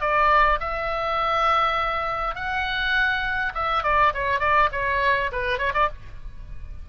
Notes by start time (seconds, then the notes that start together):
0.00 D5
0.60 E5
2.35 F#5
3.54 E5
3.83 D5
4.14 C#5
4.40 D5
4.72 C#5
5.32 B4
5.58 C#5
5.74 D5